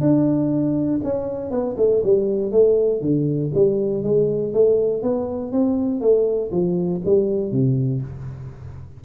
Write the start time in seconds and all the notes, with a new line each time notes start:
0.00 D4
1.03 C#4
1.50 B3
1.77 A3
2.03 G3
2.51 A3
3.01 D3
3.54 G3
4.03 G#3
4.53 A3
5.02 B3
5.52 C4
6.01 A3
6.51 F3
7.05 G3
7.51 C3